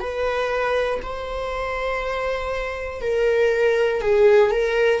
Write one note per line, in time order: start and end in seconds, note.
0.00 1.00 B4
1.02 3.01 C5
3.01 4.00 A#4
4.00 4.50 G#4
4.51 5.00 A#4